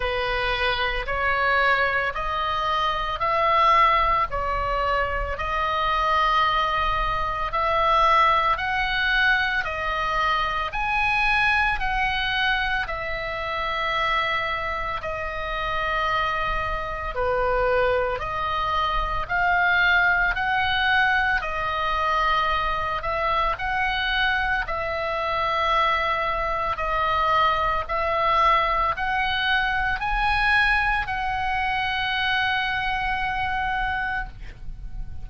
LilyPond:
\new Staff \with { instrumentName = "oboe" } { \time 4/4 \tempo 4 = 56 b'4 cis''4 dis''4 e''4 | cis''4 dis''2 e''4 | fis''4 dis''4 gis''4 fis''4 | e''2 dis''2 |
b'4 dis''4 f''4 fis''4 | dis''4. e''8 fis''4 e''4~ | e''4 dis''4 e''4 fis''4 | gis''4 fis''2. | }